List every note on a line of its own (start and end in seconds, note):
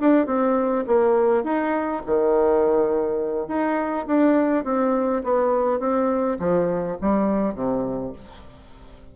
0.00 0.26 D4
0.26 0.85 C4
0.87 1.44 A#3
1.44 2.02 D#4
2.06 3.48 D#3
3.48 4.06 D#4
4.07 4.64 D4
4.64 5.23 C4
5.24 5.79 B3
5.79 6.38 C4
6.39 6.97 F3
7.01 7.54 G3
7.54 8.13 C3